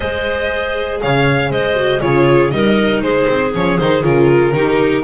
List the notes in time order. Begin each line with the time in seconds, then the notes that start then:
0.00 G#3 G#4 C5 D#5
1.01 C#3 C#5 F5
1.50 G#3 C5 D#5
1.74 F#4
2.00 C#3 F4 G#4 C#5
2.51 G3 D#4 A#4 D#5
3.01 G#3 G#4 C5
3.28 C4
3.54 F3 C#4 C#5
3.78 D#3 D#4 C5
4.02 C#3 F4 A#4
4.52 D#3 D#4 G4